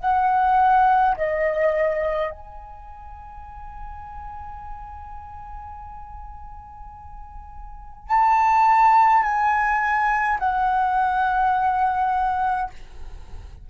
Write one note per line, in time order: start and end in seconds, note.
0.00 1.15 F#5
1.16 2.31 D#5
2.31 8.08 G#5
8.08 9.23 A5
9.23 10.38 G#5
10.39 12.70 F#5